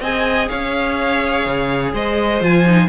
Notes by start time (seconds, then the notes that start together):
0.00 C4 G#4 D#5 G#5
0.48 C#4 C#5 F5
1.46 C#3
1.93 G#3 C5 D#5
2.41 F3 F4 G#5
2.67 D#4